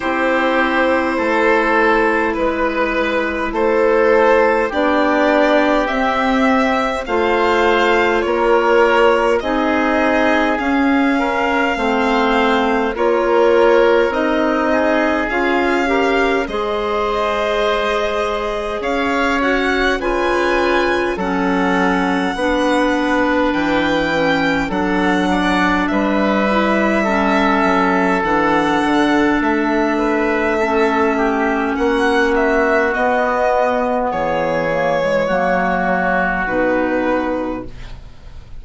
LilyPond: <<
  \new Staff \with { instrumentName = "violin" } { \time 4/4 \tempo 4 = 51 c''2 b'4 c''4 | d''4 e''4 f''4 cis''4 | dis''4 f''2 cis''4 | dis''4 f''4 dis''2 |
f''8 fis''8 gis''4 fis''2 | g''4 fis''4 e''2 | fis''4 e''2 fis''8 e''8 | dis''4 cis''2 b'4 | }
  \new Staff \with { instrumentName = "oboe" } { \time 4/4 g'4 a'4 b'4 a'4 | g'2 c''4 ais'4 | gis'4. ais'8 c''4 ais'4~ | ais'8 gis'4 ais'8 c''2 |
cis''4 b'4 a'4 b'4~ | b'4 a'8 d''8 b'4 a'4~ | a'4. b'8 a'8 g'8 fis'4~ | fis'4 gis'4 fis'2 | }
  \new Staff \with { instrumentName = "clarinet" } { \time 4/4 e'1 | d'4 c'4 f'2 | dis'4 cis'4 c'4 f'4 | dis'4 f'8 g'8 gis'2~ |
gis'8 fis'8 f'4 cis'4 d'4~ | d'8 cis'8 d'4. e'8 cis'4 | d'2 cis'2 | b4. ais16 gis16 ais4 dis'4 | }
  \new Staff \with { instrumentName = "bassoon" } { \time 4/4 c'4 a4 gis4 a4 | b4 c'4 a4 ais4 | c'4 cis'4 a4 ais4 | c'4 cis'4 gis2 |
cis'4 cis4 fis4 b4 | e4 fis4 g4. fis8 | e8 d8 a2 ais4 | b4 e4 fis4 b,4 | }
>>